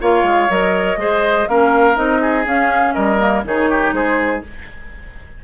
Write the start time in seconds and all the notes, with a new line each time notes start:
0.00 A#3 F4 C#5 F5
0.23 G#3
0.49 F#3 A#4 D#5
0.96 G#3 G#4 C5
1.48 A#3 C#4 A#4 F5
1.95 C4 D#4 D#5
2.21 G#4
2.46 C#4 F5
2.93 G3 A#4 D#5
3.19 A#3
3.44 D#3 D#4 G#4 C#5
3.70 G4
3.92 G#3 G#4 C5